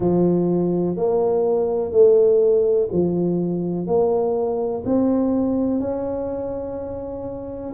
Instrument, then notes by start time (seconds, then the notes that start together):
tuba
0.00 F3
0.96 A#3
1.91 A3
2.92 F3
3.86 A#3
4.85 C4
5.79 C#4